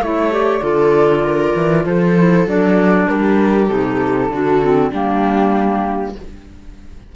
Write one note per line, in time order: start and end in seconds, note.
0.00 0.61 A3
0.00 0.31 E4
0.00 0.64 C#5
0.00 0.33 E5
0.31 0.61 G4
0.31 1.86 D5
0.61 1.54 D3
0.61 2.14 F4
0.61 1.23 A4
1.23 1.85 A#4
1.55 1.85 E3
1.85 2.46 F3
1.85 3.08 A4
1.85 2.47 C5
2.17 2.47 E4
2.46 3.07 F#3
2.46 3.69 D4
2.46 3.08 D5
3.08 3.70 G3
3.08 4.32 G4
3.08 3.68 A#4
3.68 4.29 C3
3.68 4.30 D#4
3.68 4.91 A4
4.29 4.91 D3
4.29 4.61 D4
4.29 4.90 F#4
4.61 4.92 C4
4.90 6.15 G3
4.90 6.16 A#3
4.90 6.13 D4
4.90 6.15 G4